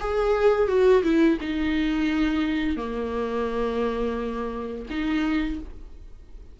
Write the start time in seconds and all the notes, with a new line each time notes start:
0.00 G#4
0.68 F#4
1.03 E4
1.41 D#4
2.77 A#3
4.90 D#4